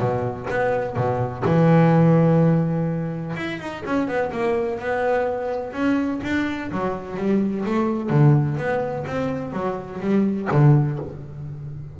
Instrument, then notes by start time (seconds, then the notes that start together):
double bass
0.00 B2
0.50 B3
0.96 B2
1.45 E3
3.37 E4
3.60 D#4
3.86 C#4
4.08 B3
4.32 A#3
4.80 B3
5.73 C#4
6.24 D4
6.72 F#3
7.18 G3
7.66 A3
8.10 D3
8.58 B3
9.07 C4
9.53 F#3
10.01 G3
10.52 D3